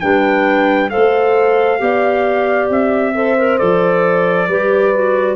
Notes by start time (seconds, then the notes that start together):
0.00 G3 D4 B4 G5
0.90 A4 C5 F5
0.96 A3
1.79 B3 G4 D5
2.70 C4 E5
3.14 A4 C5
3.38 A#4
3.58 F3 A4 D5
4.48 G3 G4 B4
4.94 F#4